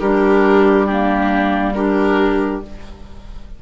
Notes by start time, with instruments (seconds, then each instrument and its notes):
0.00 bassoon G3, clarinet D4, viola G4, oboe A#4
0.86 clarinet A#3, viola D4, oboe G4
1.74 clarinet D4, viola G4, oboe A#4